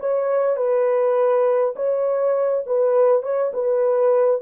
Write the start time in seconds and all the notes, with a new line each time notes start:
0.00 C#5
0.57 B4
1.76 C#5
2.67 B4
3.23 C#5
3.54 B4